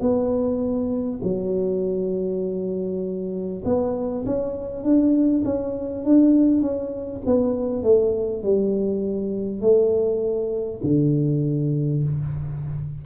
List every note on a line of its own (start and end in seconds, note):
0.00 1.20 B3
1.23 3.63 F#3
3.64 4.24 B3
4.25 4.83 C#4
4.83 5.43 D4
5.44 6.04 C#4
6.04 6.61 D4
6.61 7.21 C#4
7.26 7.83 B3
7.83 8.43 A3
8.43 9.61 G3
9.61 10.81 A3
10.83 12.03 D3